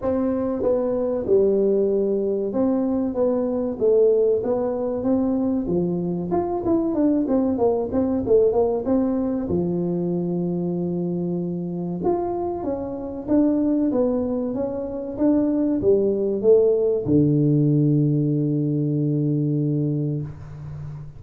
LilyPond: \new Staff \with { instrumentName = "tuba" } { \time 4/4 \tempo 4 = 95 c'4 b4 g2 | c'4 b4 a4 b4 | c'4 f4 f'8 e'8 d'8 c'8 | ais8 c'8 a8 ais8 c'4 f4~ |
f2. f'4 | cis'4 d'4 b4 cis'4 | d'4 g4 a4 d4~ | d1 | }